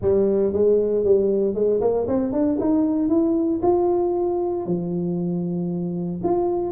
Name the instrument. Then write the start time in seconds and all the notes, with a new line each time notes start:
tuba
0.01 G3
0.52 G#3
1.04 G3
1.54 G#3
1.80 A#3
2.07 C4
2.32 D4
2.60 D#4
3.08 E4
3.62 F4
4.66 F3
6.23 F4